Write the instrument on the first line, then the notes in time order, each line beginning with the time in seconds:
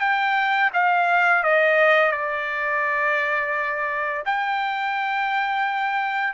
trumpet
0.00 G5
0.73 F5
1.43 D#5
2.11 D5
4.25 G5